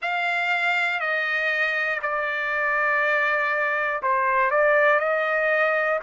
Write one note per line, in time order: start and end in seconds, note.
0.01 1.00 F5
1.00 2.00 D#5
2.01 4.01 D5
4.02 4.50 C5
4.50 4.99 D5
4.99 5.99 D#5